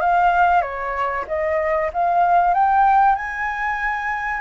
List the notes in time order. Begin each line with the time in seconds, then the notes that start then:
0.00 F5
0.61 C#5
1.27 D#5
1.93 F5
2.54 G5
3.16 G#5